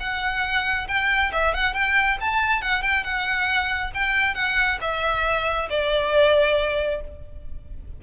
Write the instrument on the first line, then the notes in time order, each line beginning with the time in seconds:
violin
0.00 F#5
0.88 G5
1.33 E5
1.54 F#5
1.74 G5
2.21 A5
2.62 F#5
2.82 G5
3.04 F#5
3.94 G5
4.35 F#5
4.81 E5
5.70 D5